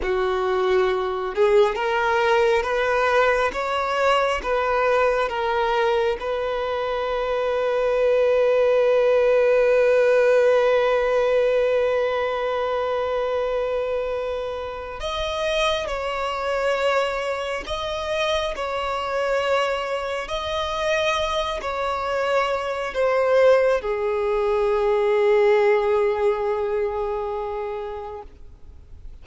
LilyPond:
\new Staff \with { instrumentName = "violin" } { \time 4/4 \tempo 4 = 68 fis'4. gis'8 ais'4 b'4 | cis''4 b'4 ais'4 b'4~ | b'1~ | b'1~ |
b'4 dis''4 cis''2 | dis''4 cis''2 dis''4~ | dis''8 cis''4. c''4 gis'4~ | gis'1 | }